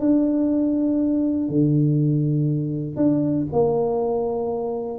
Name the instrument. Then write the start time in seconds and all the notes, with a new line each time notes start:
tuba
0.00 D4
1.48 D3
2.96 D4
3.52 A#3